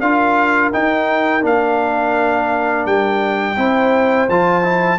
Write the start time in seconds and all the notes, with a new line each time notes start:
0.00 D4 F4 A#4 F5
0.73 D#4 G5
1.41 A#3 D4 F5
2.86 G3 G5
3.57 C4 E4 C5
4.29 F3 F4 A5
4.63 E4